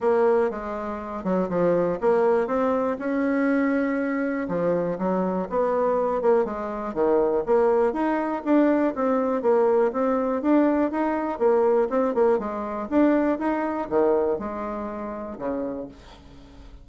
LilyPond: \new Staff \with { instrumentName = "bassoon" } { \time 4/4 \tempo 4 = 121 ais4 gis4. fis8 f4 | ais4 c'4 cis'2~ | cis'4 f4 fis4 b4~ | b8 ais8 gis4 dis4 ais4 |
dis'4 d'4 c'4 ais4 | c'4 d'4 dis'4 ais4 | c'8 ais8 gis4 d'4 dis'4 | dis4 gis2 cis4 | }